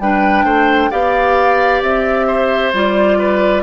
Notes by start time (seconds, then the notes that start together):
0.00 G3 D4 B4 G5
0.44 A3 C5
0.91 B3 G4 D5 F5
1.82 C4 E5
2.27 C5
2.73 G3 F4 D5
3.19 B4